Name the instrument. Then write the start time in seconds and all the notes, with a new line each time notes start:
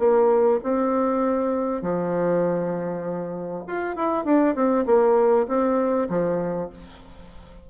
bassoon
0.00 A#3
0.64 C4
1.83 F3
3.67 F4
3.97 E4
4.26 D4
4.56 C4
4.87 A#3
5.48 C4
6.10 F3